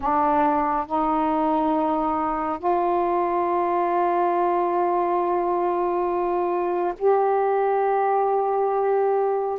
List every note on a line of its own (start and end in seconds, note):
0.00 0.86 D4
0.86 2.58 D#4
2.58 6.93 F4
6.98 9.59 G4